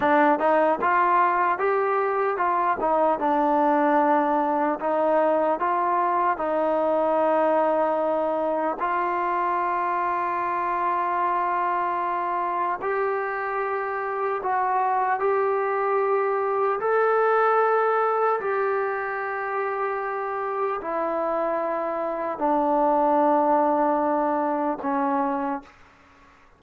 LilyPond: \new Staff \with { instrumentName = "trombone" } { \time 4/4 \tempo 4 = 75 d'8 dis'8 f'4 g'4 f'8 dis'8 | d'2 dis'4 f'4 | dis'2. f'4~ | f'1 |
g'2 fis'4 g'4~ | g'4 a'2 g'4~ | g'2 e'2 | d'2. cis'4 | }